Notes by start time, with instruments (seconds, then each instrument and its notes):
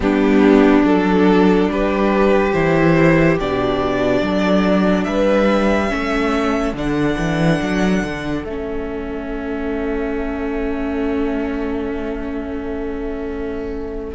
0.00 cello G3, viola B3, violin D4 G4
0.83 cello F#3, viola D4, violin A4
1.67 cello G3, violin G4 B4
2.53 cello E3, viola E4, violin C5
3.39 cello B2, viola D4, violin D5
4.21 cello F#3, violin A4
5.04 cello G3, violin B4 E5
5.88 cello A3, viola C#4, violin A4
6.73 cello D3, viola D4, violin F#5
7.18 cello E3
7.61 cello F#3
8.04 cello D3
8.44 cello A3, viola C#4, violin E5